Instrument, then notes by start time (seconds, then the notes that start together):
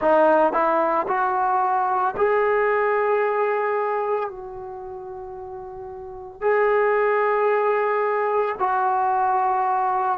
trombone
0.00 D#4
0.53 E4
1.07 F#4
2.16 G#4
4.29 F#4
6.41 G#4
8.59 F#4